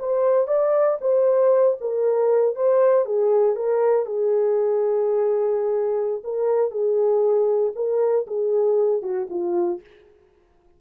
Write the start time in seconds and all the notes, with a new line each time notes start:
0.00 C5
0.48 D5
1.01 C5
1.81 A#4
2.56 C5
3.06 G#4
3.56 A#4
4.06 G#4
6.24 A#4
6.71 G#4
7.76 A#4
8.27 G#4
9.03 F#4
9.30 F4